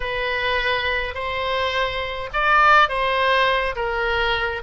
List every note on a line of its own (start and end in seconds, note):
0.00 1.14 B4
1.14 2.29 C5
2.33 2.88 D5
2.88 3.75 C5
3.75 4.62 A#4